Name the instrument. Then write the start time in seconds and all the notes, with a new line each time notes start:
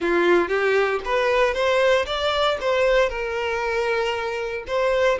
violin
0.00 F4
0.48 G4
1.05 B4
1.54 C5
2.05 D5
2.60 C5
3.09 A#4
4.67 C5